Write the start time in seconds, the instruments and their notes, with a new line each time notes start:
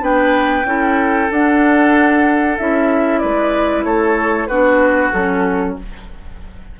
0.00 bassoon B3, clarinet D4, oboe B4, flute G5
0.64 bassoon C#4, clarinet E4, oboe A4
1.31 bassoon D4, clarinet D4, flute F#5
2.58 bassoon C#4, clarinet E4, flute E5
3.19 bassoon G#3, oboe B4, flute D5
3.84 bassoon A3, oboe A4, flute C#5
4.47 bassoon B3, clarinet D4, oboe F#4, flute B4
5.12 bassoon F#3, clarinet C#4, flute A4